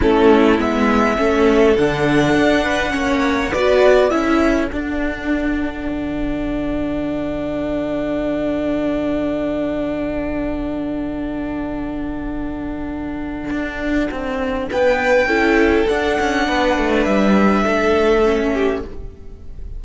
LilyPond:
<<
  \new Staff \with { instrumentName = "violin" } { \time 4/4 \tempo 4 = 102 a'4 e''2 fis''4~ | fis''2 d''4 e''4 | fis''1~ | fis''1~ |
fis''1~ | fis''1~ | fis''4 g''2 fis''4~ | fis''4 e''2. | }
  \new Staff \with { instrumentName = "violin" } { \time 4/4 e'2 a'2~ | a'8 b'8 cis''4 b'4 a'4~ | a'1~ | a'1~ |
a'1~ | a'1~ | a'4 b'4 a'2 | b'2 a'4. g'8 | }
  \new Staff \with { instrumentName = "viola" } { \time 4/4 cis'4 b4 cis'4 d'4~ | d'4 cis'4 fis'4 e'4 | d'1~ | d'1~ |
d'1~ | d'1~ | d'2 e'4 d'4~ | d'2. cis'4 | }
  \new Staff \with { instrumentName = "cello" } { \time 4/4 a4 gis4 a4 d4 | d'4 ais4 b4 cis'4 | d'2 d2~ | d1~ |
d1~ | d2. d'4 | c'4 b4 cis'4 d'8 cis'8 | b8 a8 g4 a2 | }
>>